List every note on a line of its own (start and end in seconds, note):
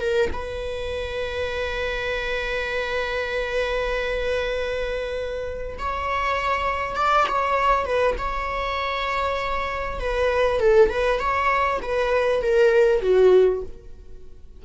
0.00 0.30 A#4
0.33 5.78 B4
5.78 6.96 C#5
6.96 7.26 D5
7.28 7.85 C#5
7.85 8.16 B4
8.18 10.00 C#5
10.00 10.60 B4
10.60 10.90 A4
10.90 11.20 B4
11.20 11.80 C#5
11.82 12.42 B4
12.42 13.01 A#4
13.01 13.62 F#4